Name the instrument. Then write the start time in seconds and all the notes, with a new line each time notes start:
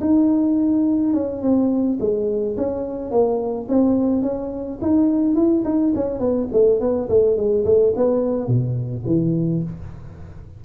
tuba
0.00 D#4
1.13 C#4
1.42 C4
1.99 G#3
2.57 C#4
3.11 A#3
3.68 C4
4.22 C#4
4.81 D#4
5.35 E4
5.64 D#4
5.95 C#4
6.19 B3
6.52 A3
6.80 B3
7.09 A3
7.36 G#3
7.65 A3
7.96 B3
8.47 B2
9.06 E3